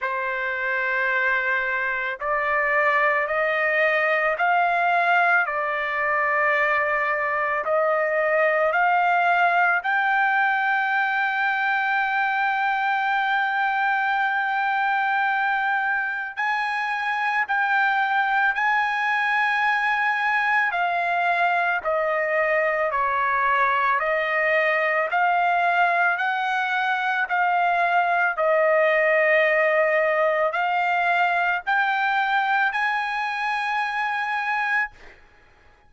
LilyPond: \new Staff \with { instrumentName = "trumpet" } { \time 4/4 \tempo 4 = 55 c''2 d''4 dis''4 | f''4 d''2 dis''4 | f''4 g''2.~ | g''2. gis''4 |
g''4 gis''2 f''4 | dis''4 cis''4 dis''4 f''4 | fis''4 f''4 dis''2 | f''4 g''4 gis''2 | }